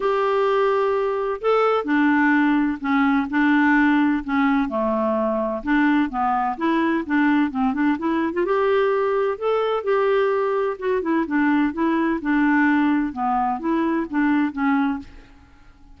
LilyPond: \new Staff \with { instrumentName = "clarinet" } { \time 4/4 \tempo 4 = 128 g'2. a'4 | d'2 cis'4 d'4~ | d'4 cis'4 a2 | d'4 b4 e'4 d'4 |
c'8 d'8 e'8. f'16 g'2 | a'4 g'2 fis'8 e'8 | d'4 e'4 d'2 | b4 e'4 d'4 cis'4 | }